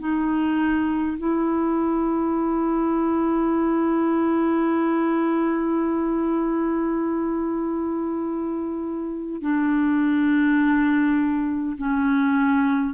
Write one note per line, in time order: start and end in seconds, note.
0.00 1.18 D#4
1.19 9.42 E4
9.42 11.77 D4
11.78 12.94 C#4